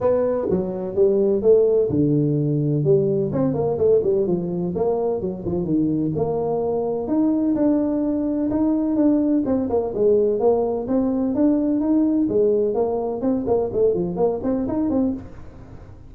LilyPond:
\new Staff \with { instrumentName = "tuba" } { \time 4/4 \tempo 4 = 127 b4 fis4 g4 a4 | d2 g4 c'8 ais8 | a8 g8 f4 ais4 fis8 f8 | dis4 ais2 dis'4 |
d'2 dis'4 d'4 | c'8 ais8 gis4 ais4 c'4 | d'4 dis'4 gis4 ais4 | c'8 ais8 a8 f8 ais8 c'8 dis'8 c'8 | }